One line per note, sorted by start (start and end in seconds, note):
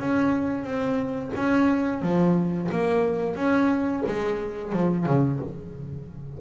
0.00 0.64 C#4
0.64 1.31 C4
1.35 2.02 C#4
2.02 2.70 F3
2.72 3.36 A#3
3.36 4.03 C#4
4.07 4.73 G#3
4.73 5.06 F3
5.06 5.40 C#3